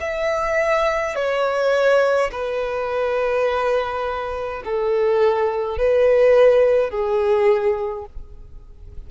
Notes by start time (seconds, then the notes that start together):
0.00 E5
1.15 C#5
2.32 B4
4.65 A4
5.77 B4
6.90 G#4